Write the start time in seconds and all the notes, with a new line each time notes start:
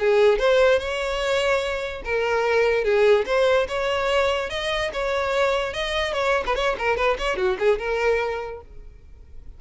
0.00 G#4
0.39 C5
0.79 C#5
2.05 A#4
2.85 G#4
3.26 C5
3.69 C#5
4.50 D#5
4.94 C#5
5.74 D#5
6.14 C#5
6.47 B4
6.56 C#5
6.79 A#4
6.97 B4
7.19 C#5
7.37 F#4
7.59 G#4
7.79 A#4